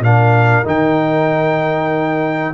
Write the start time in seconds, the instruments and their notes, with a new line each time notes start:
0.00 tuba A#2, trombone D4, horn A#4, trumpet F5
0.65 tuba D#3, trombone D#4, trumpet G5